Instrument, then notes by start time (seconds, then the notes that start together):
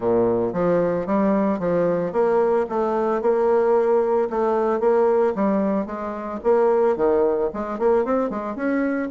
bassoon
0.00 A#2
0.53 F3
1.06 G3
1.59 F3
2.12 A#3
2.69 A3
3.21 A#3
4.30 A3
4.80 A#3
5.35 G3
5.86 G#3
6.43 A#3
6.96 D#3
7.53 G#3
7.78 A#3
8.05 C4
8.29 G#3
8.55 C#4